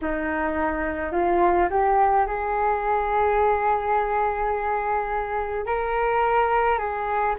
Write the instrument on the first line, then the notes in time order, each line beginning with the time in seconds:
flute
0.01 D#4
1.12 F4
1.70 G4
2.26 G#4
5.66 A#4
6.78 G#4